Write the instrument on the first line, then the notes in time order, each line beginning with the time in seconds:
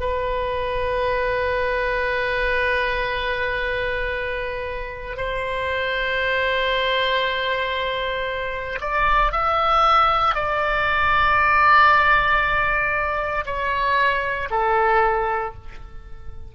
oboe
0.00 B4
5.17 C5
8.81 D5
9.32 E5
10.34 D5
13.45 C#5
14.50 A4